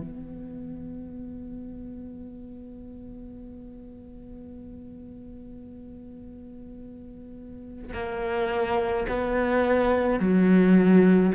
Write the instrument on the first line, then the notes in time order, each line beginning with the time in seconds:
cello
0.00 B3
7.93 A#3
9.09 B3
10.20 F#3